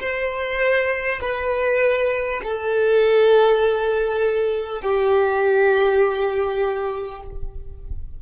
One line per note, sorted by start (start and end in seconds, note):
0.00 1.20 C5
1.21 2.41 B4
2.43 4.82 A4
4.82 7.22 G4